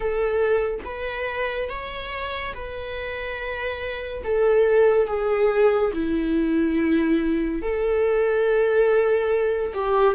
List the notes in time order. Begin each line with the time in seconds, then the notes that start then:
0.00 A4
0.84 B4
1.69 C#5
2.54 B4
4.23 A4
5.07 G#4
5.93 E4
7.61 A4
9.73 G4